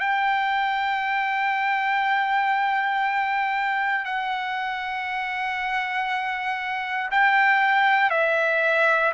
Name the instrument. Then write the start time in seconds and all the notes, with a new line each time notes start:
trumpet
0.00 G5
4.05 F#5
7.11 G5
8.11 E5